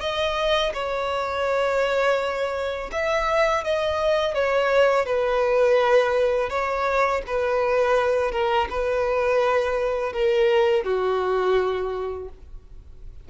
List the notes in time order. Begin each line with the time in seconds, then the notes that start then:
0.00 D#5
0.73 C#5
2.91 E5
3.63 D#5
4.34 C#5
5.05 B4
6.49 C#5
7.26 B4
8.31 A#4
8.69 B4
10.12 A#4
10.84 F#4